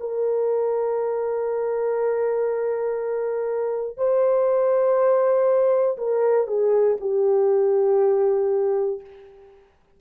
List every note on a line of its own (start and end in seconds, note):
0.00 3.97 A#4
3.97 5.97 C5
5.97 6.47 A#4
6.47 6.97 G#4
7.00 9.00 G4